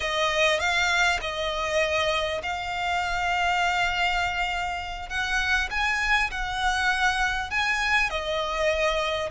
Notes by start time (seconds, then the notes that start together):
0.00 D#5
0.59 F5
1.21 D#5
2.42 F5
5.09 F#5
5.70 G#5
6.30 F#5
7.50 G#5
8.10 D#5